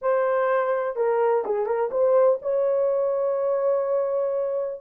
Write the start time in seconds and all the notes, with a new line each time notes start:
0.01 C5
0.96 A#4
1.45 G#4
1.66 A#4
1.91 C5
2.41 C#5